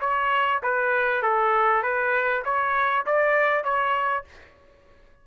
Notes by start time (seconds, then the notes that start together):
0.00 C#5
0.62 B4
1.22 A4
1.82 B4
2.44 C#5
3.06 D5
3.63 C#5